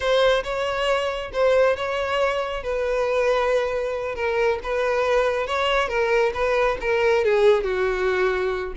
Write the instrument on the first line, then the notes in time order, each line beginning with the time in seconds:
violin
0.00 C5
0.43 C#5
1.32 C5
1.76 C#5
2.63 B4
4.15 A#4
4.63 B4
5.46 C#5
5.88 A#4
6.33 B4
6.80 A#4
7.24 G#4
7.63 F#4